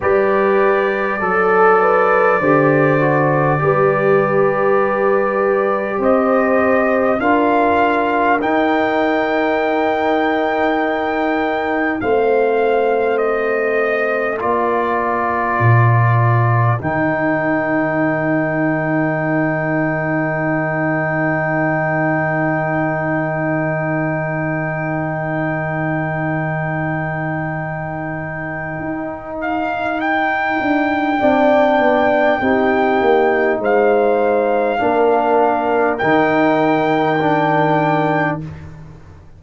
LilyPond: <<
  \new Staff \with { instrumentName = "trumpet" } { \time 4/4 \tempo 4 = 50 d''1~ | d''4 dis''4 f''4 g''4~ | g''2 f''4 dis''4 | d''2 g''2~ |
g''1~ | g''1~ | g''8 f''8 g''2. | f''2 g''2 | }
  \new Staff \with { instrumentName = "horn" } { \time 4/4 b'4 a'8 b'8 c''4 b'4~ | b'4 c''4 ais'2~ | ais'2 c''2 | ais'1~ |
ais'1~ | ais'1~ | ais'2 d''4 g'4 | c''4 ais'2. | }
  \new Staff \with { instrumentName = "trombone" } { \time 4/4 g'4 a'4 g'8 fis'8 g'4~ | g'2 f'4 dis'4~ | dis'2 c'2 | f'2 dis'2~ |
dis'1~ | dis'1~ | dis'2 d'4 dis'4~ | dis'4 d'4 dis'4 d'4 | }
  \new Staff \with { instrumentName = "tuba" } { \time 4/4 g4 fis4 d4 g4~ | g4 c'4 d'4 dis'4~ | dis'2 a2 | ais4 ais,4 dis2~ |
dis1~ | dis1 | dis'4. d'8 c'8 b8 c'8 ais8 | gis4 ais4 dis2 | }
>>